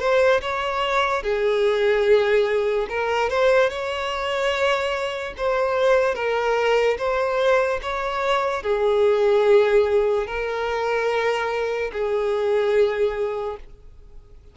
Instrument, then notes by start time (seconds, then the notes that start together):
violin
0.00 C5
0.42 C#5
1.23 G#4
2.90 A#4
3.30 C5
3.70 C#5
5.38 C5
6.15 A#4
6.98 C5
7.82 C#5
8.63 G#4
10.27 A#4
11.93 G#4